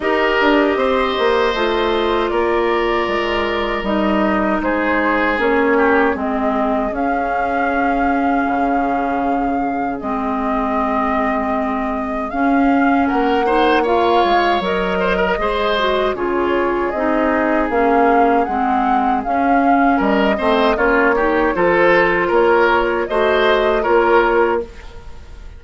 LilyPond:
<<
  \new Staff \with { instrumentName = "flute" } { \time 4/4 \tempo 4 = 78 dis''2. d''4~ | d''4 dis''4 c''4 cis''4 | dis''4 f''2.~ | f''4 dis''2. |
f''4 fis''4 f''4 dis''4~ | dis''4 cis''4 dis''4 f''4 | fis''4 f''4 dis''4 cis''4 | c''4 cis''4 dis''4 cis''4 | }
  \new Staff \with { instrumentName = "oboe" } { \time 4/4 ais'4 c''2 ais'4~ | ais'2 gis'4. g'8 | gis'1~ | gis'1~ |
gis'4 ais'8 c''8 cis''4. c''16 ais'16 | c''4 gis'2.~ | gis'2 ais'8 c''8 f'8 g'8 | a'4 ais'4 c''4 ais'4 | }
  \new Staff \with { instrumentName = "clarinet" } { \time 4/4 g'2 f'2~ | f'4 dis'2 cis'4 | c'4 cis'2.~ | cis'4 c'2. |
cis'4. dis'8 f'4 ais'4 | gis'8 fis'8 f'4 dis'4 cis'4 | c'4 cis'4. c'8 cis'8 dis'8 | f'2 fis'4 f'4 | }
  \new Staff \with { instrumentName = "bassoon" } { \time 4/4 dis'8 d'8 c'8 ais8 a4 ais4 | gis4 g4 gis4 ais4 | gis4 cis'2 cis4~ | cis4 gis2. |
cis'4 ais4. gis8 fis4 | gis4 cis4 c'4 ais4 | gis4 cis'4 g8 a8 ais4 | f4 ais4 a4 ais4 | }
>>